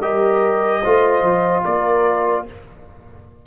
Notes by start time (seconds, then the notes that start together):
0.00 G3 G4 A#4 D#5
0.82 A3 F4 C5
1.21 F3
1.64 A#3 A#4 D5